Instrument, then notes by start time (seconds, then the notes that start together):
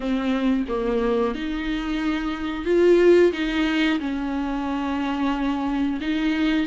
viola
0.00 C4
0.68 A#3
1.34 D#4
2.65 F4
3.32 D#4
3.99 C#4
6.01 D#4